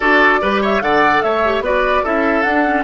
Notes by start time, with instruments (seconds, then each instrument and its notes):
0.00 bassoon D4, clarinet F#4, oboe A4, flute D5
0.41 bassoon G3, clarinet G4, oboe B4
0.61 oboe C#5, flute E5
0.81 bassoon D3, clarinet A4, oboe D5, flute F#5
1.22 bassoon A3, oboe C#5, flute E5
1.44 clarinet G4
1.60 bassoon B3, clarinet F#4, oboe B4, flute D5
2.03 bassoon C#4, clarinet E4, oboe A4, flute E5
2.42 clarinet D4, bassoon D4, flute F#5
2.66 clarinet C#4